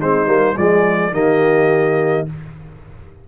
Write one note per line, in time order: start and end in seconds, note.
0.00 0.26 G#3
0.00 0.26 C4
0.00 0.54 D#4
0.00 0.57 C5
0.26 0.55 G3
0.26 0.54 A#3
0.54 1.11 F3
0.54 1.12 G#3
0.54 1.11 G#4
0.54 1.13 D5
1.11 2.26 D#3
1.11 2.26 A#3
1.11 2.28 G4
1.11 2.28 D#5